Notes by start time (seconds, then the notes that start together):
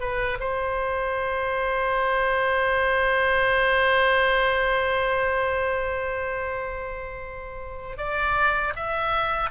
0.00 B4
0.40 C5
7.97 D5
8.76 E5